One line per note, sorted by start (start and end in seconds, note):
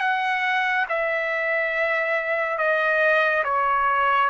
0.00 0.86 F#5
0.88 2.58 E5
2.58 3.43 D#5
3.44 4.29 C#5